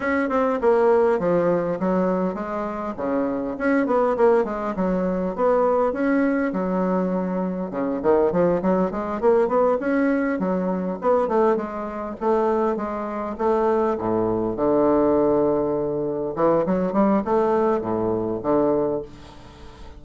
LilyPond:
\new Staff \with { instrumentName = "bassoon" } { \time 4/4 \tempo 4 = 101 cis'8 c'8 ais4 f4 fis4 | gis4 cis4 cis'8 b8 ais8 gis8 | fis4 b4 cis'4 fis4~ | fis4 cis8 dis8 f8 fis8 gis8 ais8 |
b8 cis'4 fis4 b8 a8 gis8~ | gis8 a4 gis4 a4 a,8~ | a,8 d2. e8 | fis8 g8 a4 a,4 d4 | }